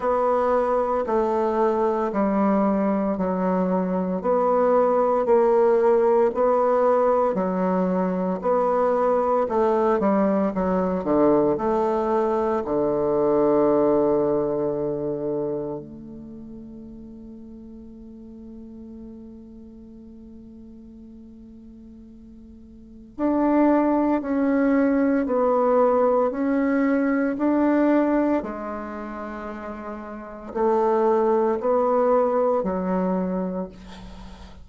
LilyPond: \new Staff \with { instrumentName = "bassoon" } { \time 4/4 \tempo 4 = 57 b4 a4 g4 fis4 | b4 ais4 b4 fis4 | b4 a8 g8 fis8 d8 a4 | d2. a4~ |
a1~ | a2 d'4 cis'4 | b4 cis'4 d'4 gis4~ | gis4 a4 b4 fis4 | }